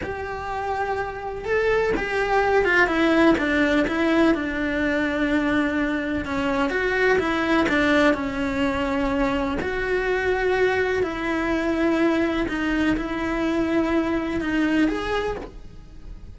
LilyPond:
\new Staff \with { instrumentName = "cello" } { \time 4/4 \tempo 4 = 125 g'2. a'4 | g'4. f'8 e'4 d'4 | e'4 d'2.~ | d'4 cis'4 fis'4 e'4 |
d'4 cis'2. | fis'2. e'4~ | e'2 dis'4 e'4~ | e'2 dis'4 gis'4 | }